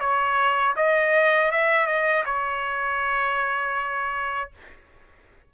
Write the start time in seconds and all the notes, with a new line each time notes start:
0.00 C#5
0.77 D#5
1.52 E5
1.87 D#5
2.26 C#5